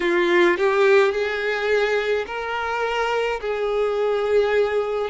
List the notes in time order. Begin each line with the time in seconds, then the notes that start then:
0.00 F4
0.57 G4
1.12 G#4
2.26 A#4
3.40 G#4